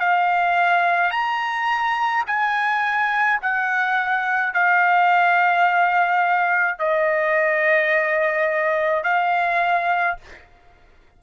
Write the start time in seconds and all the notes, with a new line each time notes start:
0.00 F5
1.11 A#5
2.27 G#5
3.42 F#5
4.54 F5
6.79 D#5
9.04 F5